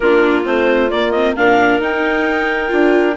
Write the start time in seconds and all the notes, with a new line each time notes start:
0.00 A#3 D4 F4 A#4
0.43 A3 C4 C5
0.90 A#3 D5
1.11 C4 D#5
1.35 A#2 D4 A#4 F5
1.79 D#4 G5
2.67 D4 F4